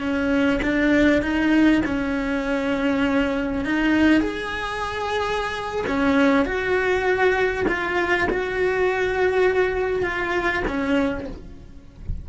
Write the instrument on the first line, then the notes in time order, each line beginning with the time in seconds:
cello
0.00 C#4
0.62 D4
1.22 D#4
1.85 C#4
3.65 D#4
4.20 G#4
5.86 C#4
6.45 F#4
7.68 F4
8.30 F#4
10.02 F4
10.67 C#4